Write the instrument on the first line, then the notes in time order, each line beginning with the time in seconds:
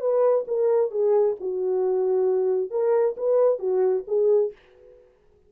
horn
0.00 B4
0.47 A#4
0.91 G#4
1.40 F#4
2.71 A#4
3.17 B4
3.59 F#4
4.07 G#4